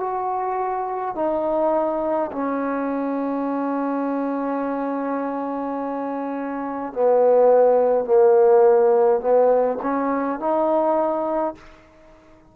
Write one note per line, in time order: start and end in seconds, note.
0.00 1.15 F#4
1.15 2.31 D#4
2.32 6.93 C#4
6.93 8.05 B3
8.05 9.20 A#3
9.20 9.78 B3
9.82 10.40 C#4
10.40 11.55 D#4